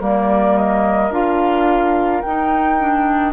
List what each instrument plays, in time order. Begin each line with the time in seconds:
0.00 bassoon G3, clarinet A#3, oboe A#4, flute D5
0.57 flute D#5
1.10 bassoon D4, clarinet F4, flute F5
2.22 bassoon D#4, clarinet D#4, flute G5
2.80 clarinet D4